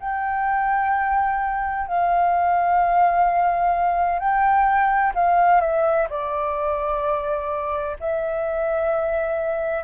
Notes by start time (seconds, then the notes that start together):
0.00 G5
1.87 F5
4.19 G5
5.15 F5
5.60 E5
6.09 D5
8.00 E5